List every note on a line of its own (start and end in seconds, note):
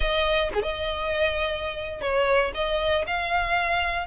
0.00 0.49 D#5
0.54 0.62 G#4
0.62 2.01 D#5
2.01 2.52 C#5
2.54 3.05 D#5
3.06 4.06 F5